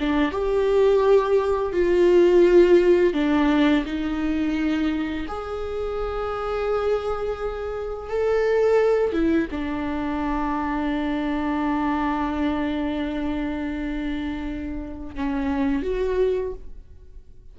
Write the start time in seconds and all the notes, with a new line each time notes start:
0.00 D4
0.32 G4
1.73 F4
3.14 D4
3.86 D#4
5.28 G#4
8.10 A4
9.13 E4
9.51 D4
15.16 C#4
15.83 F#4